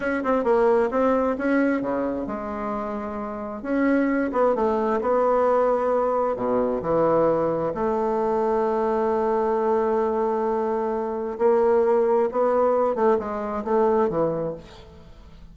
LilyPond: \new Staff \with { instrumentName = "bassoon" } { \time 4/4 \tempo 4 = 132 cis'8 c'8 ais4 c'4 cis'4 | cis4 gis2. | cis'4. b8 a4 b4~ | b2 b,4 e4~ |
e4 a2.~ | a1~ | a4 ais2 b4~ | b8 a8 gis4 a4 e4 | }